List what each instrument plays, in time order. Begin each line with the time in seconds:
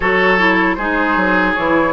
0.00 bassoon F#3, clarinet F#4, oboe A4, flute C#5
0.38 clarinet E4
0.75 bassoon G#3, clarinet D#4, oboe G#4, flute C5
1.16 bassoon F#3
1.54 bassoon E3, clarinet E4, flute C#5